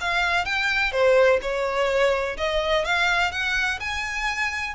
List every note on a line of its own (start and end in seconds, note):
0.00 0.45 F5
0.45 0.92 G5
0.92 1.39 C5
1.41 2.37 C#5
2.37 2.84 D#5
2.85 3.31 F5
3.31 3.79 F#5
3.79 4.74 G#5